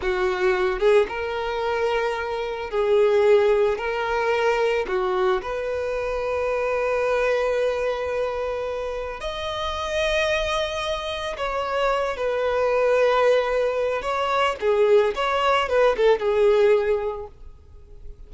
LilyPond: \new Staff \with { instrumentName = "violin" } { \time 4/4 \tempo 4 = 111 fis'4. gis'8 ais'2~ | ais'4 gis'2 ais'4~ | ais'4 fis'4 b'2~ | b'1~ |
b'4 dis''2.~ | dis''4 cis''4. b'4.~ | b'2 cis''4 gis'4 | cis''4 b'8 a'8 gis'2 | }